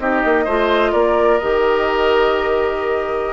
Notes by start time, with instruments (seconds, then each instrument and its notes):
0.00 bassoon C4, clarinet D#4, oboe G4, flute D#5
0.25 bassoon A#3
0.45 bassoon A3, clarinet F4, oboe C5
0.92 bassoon A#3, oboe A#4, flute D5
1.39 bassoon D#3, clarinet G4, flute D#5